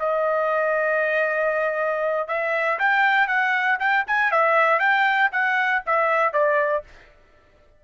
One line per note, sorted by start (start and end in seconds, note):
0.00 2.29 D#5
2.29 2.79 E5
2.79 3.28 G5
3.28 3.79 F#5
3.80 4.05 G5
4.07 4.32 G#5
4.32 4.80 E5
4.80 5.31 G5
5.33 5.83 F#5
5.87 6.34 E5
6.34 6.84 D5